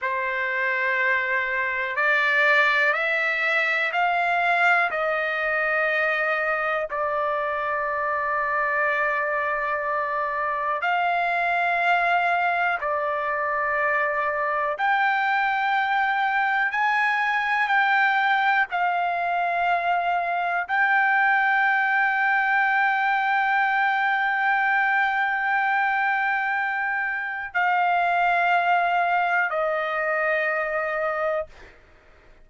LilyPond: \new Staff \with { instrumentName = "trumpet" } { \time 4/4 \tempo 4 = 61 c''2 d''4 e''4 | f''4 dis''2 d''4~ | d''2. f''4~ | f''4 d''2 g''4~ |
g''4 gis''4 g''4 f''4~ | f''4 g''2.~ | g''1 | f''2 dis''2 | }